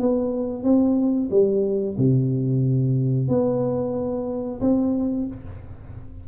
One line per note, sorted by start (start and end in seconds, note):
0.00 0.64 B3
0.64 1.30 C4
1.31 1.97 G3
1.98 3.29 C3
3.29 4.61 B3
4.61 5.27 C4